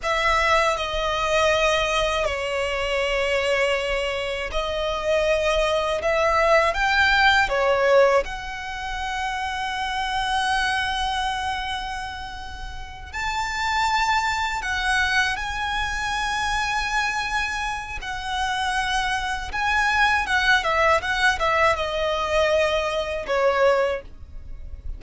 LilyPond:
\new Staff \with { instrumentName = "violin" } { \time 4/4 \tempo 4 = 80 e''4 dis''2 cis''4~ | cis''2 dis''2 | e''4 g''4 cis''4 fis''4~ | fis''1~ |
fis''4. a''2 fis''8~ | fis''8 gis''2.~ gis''8 | fis''2 gis''4 fis''8 e''8 | fis''8 e''8 dis''2 cis''4 | }